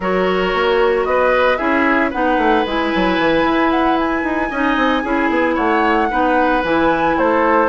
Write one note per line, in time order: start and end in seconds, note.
0.00 0.53 F#3
0.00 1.58 F#4
0.00 1.07 A#4
0.00 1.04 C#5
0.53 1.05 A#3
1.04 1.58 B3
1.04 1.58 B4
1.04 1.57 D#5
1.57 2.13 C#4
1.57 2.11 E4
1.57 2.10 G#4
1.57 2.10 E5
2.10 2.37 B3
2.10 2.65 D#4
2.10 4.48 B4
2.10 2.65 F#5
2.37 2.64 A3
2.66 2.92 G#3
2.66 4.52 E4
2.66 3.70 G#5
2.95 3.18 F#3
3.18 3.44 E3
3.44 4.23 E4
3.70 3.97 F#5
3.99 5.56 G#5
4.23 4.49 D#4
4.50 4.76 C#4
4.50 5.03 D#4
4.50 5.02 D#5
4.76 5.03 C4
5.02 5.29 C#4
5.02 6.10 E4
5.02 5.54 G#4
5.29 5.56 B3
5.54 6.11 A3
5.54 6.07 C#5
5.54 6.62 F#5
6.10 6.63 B3
6.10 6.63 D#4
6.10 7.16 B4
6.63 7.16 E3
6.63 7.68 E4
6.63 7.17 G#5
7.17 7.68 A3
7.17 7.68 A4
7.17 7.68 C5